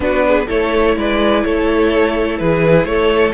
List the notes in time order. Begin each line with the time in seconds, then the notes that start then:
0.00 B3 D4 F#4 B4
0.27 G#4
0.47 A3 E4 A4 C#5
0.96 G#3 B4 D5
1.43 A3 A4 C#5
2.38 E3 G#4 B4
2.84 A3 A4 C#5